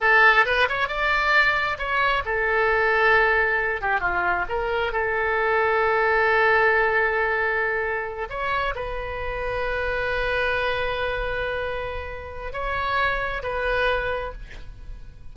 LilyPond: \new Staff \with { instrumentName = "oboe" } { \time 4/4 \tempo 4 = 134 a'4 b'8 cis''8 d''2 | cis''4 a'2.~ | a'8 g'8 f'4 ais'4 a'4~ | a'1~ |
a'2~ a'8 cis''4 b'8~ | b'1~ | b'1 | cis''2 b'2 | }